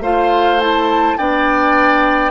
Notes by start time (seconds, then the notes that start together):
0.00 A3 F4 C5 F5
0.60 E4 A5
1.18 B3 D4 D5 G5